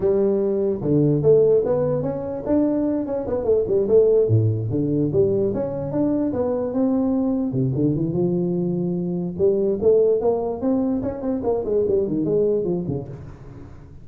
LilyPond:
\new Staff \with { instrumentName = "tuba" } { \time 4/4 \tempo 4 = 147 g2 d4 a4 | b4 cis'4 d'4. cis'8 | b8 a8 g8 a4 a,4 d8~ | d8 g4 cis'4 d'4 b8~ |
b8 c'2 c8 d8 e8 | f2. g4 | a4 ais4 c'4 cis'8 c'8 | ais8 gis8 g8 dis8 gis4 f8 cis8 | }